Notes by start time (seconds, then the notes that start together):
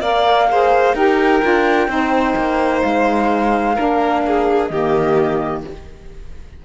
0.00 A#3 A#4 D5 F5
0.50 G#4 C5
0.94 D#4 G4 A#4 G5
1.41 D4 F4
1.87 C4 D#4 C5
2.36 A#3
2.81 G#3 F5
3.75 A#3 D4 A#4
4.26 G#4
4.67 D#3 A#3 G4 D#5